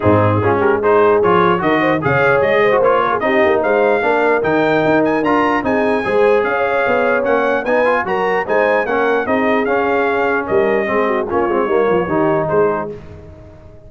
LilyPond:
<<
  \new Staff \with { instrumentName = "trumpet" } { \time 4/4 \tempo 4 = 149 gis'4. ais'8 c''4 cis''4 | dis''4 f''4 dis''4 cis''4 | dis''4 f''2 g''4~ | g''8 gis''8 ais''4 gis''2 |
f''2 fis''4 gis''4 | ais''4 gis''4 fis''4 dis''4 | f''2 dis''2 | cis''2. c''4 | }
  \new Staff \with { instrumentName = "horn" } { \time 4/4 dis'4 f'8 g'8 gis'2 | ais'8 c''8 cis''4. c''4 ais'16 gis'16 | g'4 c''4 ais'2~ | ais'2 gis'4 c''4 |
cis''2. b'4 | ais'4 c''4 ais'4 gis'4~ | gis'2 ais'4 gis'8 fis'8 | f'4 dis'8 f'8 g'4 gis'4 | }
  \new Staff \with { instrumentName = "trombone" } { \time 4/4 c'4 cis'4 dis'4 f'4 | fis'4 gis'4.~ gis'16 fis'16 f'4 | dis'2 d'4 dis'4~ | dis'4 f'4 dis'4 gis'4~ |
gis'2 cis'4 dis'8 f'8 | fis'4 dis'4 cis'4 dis'4 | cis'2. c'4 | cis'8 c'8 ais4 dis'2 | }
  \new Staff \with { instrumentName = "tuba" } { \time 4/4 gis,4 gis2 f4 | dis4 cis4 gis4 ais4 | c'8 ais8 gis4 ais4 dis4 | dis'4 d'4 c'4 gis4 |
cis'4 b4 ais4 b4 | fis4 gis4 ais4 c'4 | cis'2 g4 gis4 | ais8 gis8 g8 f8 dis4 gis4 | }
>>